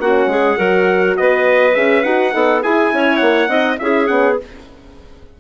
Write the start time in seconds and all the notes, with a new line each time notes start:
0.00 A#3 C#4 F#4 F#5
0.26 G#3 G#4
0.57 F#3 F#4 A#4
1.17 B3 B4 D#5
1.74 C#4 G#4 E5
2.03 D#4 F#4 F#5
2.33 B3 D#4 A4
2.63 E4 G#4 G#5
2.93 C#4 C#5
3.17 A#3 F#5
3.48 C4 D#4 D#5
3.79 C#4 E4 G#4 E5
4.07 B3 C#4 F#5